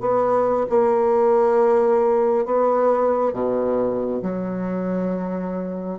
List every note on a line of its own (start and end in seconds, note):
0.00 0.66 B3
0.69 2.45 A#3
2.45 3.33 B3
3.33 4.21 B2
4.22 5.98 F#3